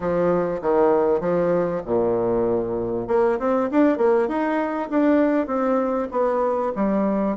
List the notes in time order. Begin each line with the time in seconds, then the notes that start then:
0.00 F3
0.61 D#3
1.20 F3
1.85 A#2
3.08 A#3
3.39 C4
3.71 D4
3.97 A#3
4.27 D#4
4.90 D4
5.46 C4
6.11 B3
6.75 G3